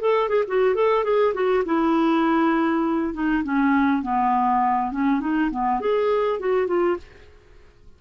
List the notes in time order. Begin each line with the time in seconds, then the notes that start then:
0.00 A4
0.29 G#4
0.48 F#4
0.75 A4
1.04 G#4
1.34 F#4
1.65 E4
3.13 D#4
3.43 C#4
4.02 B3
4.91 C#4
5.20 D#4
5.51 B3
5.80 G#4
6.39 F#4
6.67 F4